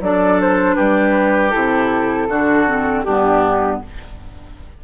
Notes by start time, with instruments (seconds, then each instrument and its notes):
0.00 bassoon F#3, clarinet D4, oboe A4, flute D5
0.41 flute C5
0.75 bassoon G3, oboe G4, flute B4
1.50 bassoon C3, clarinet E4, flute A4
2.29 bassoon D3, clarinet D4, oboe F#4
2.67 clarinet C4
3.02 bassoon G2, clarinet B3, oboe D4, flute G4